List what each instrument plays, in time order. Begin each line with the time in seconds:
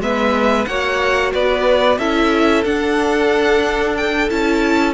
0.00 cello G#3, viola B3, violin B4 E5
0.66 cello A#3, viola F#4, violin C#5 F#5
1.33 cello B3, violin B4 D5
1.99 cello C#4, viola E4, violin A4 E5
2.65 viola D4, cello D4, violin F#5
3.97 violin G5
4.29 cello C#4, viola E4, violin A5